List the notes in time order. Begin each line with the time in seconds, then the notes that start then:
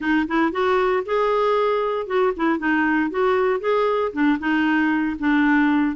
0.00 D#4
0.27 E4
0.51 F#4
1.05 G#4
2.06 F#4
2.36 E4
2.59 D#4
3.10 F#4
3.60 G#4
4.12 D4
4.39 D#4
5.19 D4